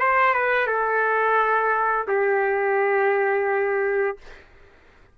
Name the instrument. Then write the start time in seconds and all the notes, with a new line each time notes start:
trumpet
0.00 C5
0.35 B4
0.67 A4
2.08 G4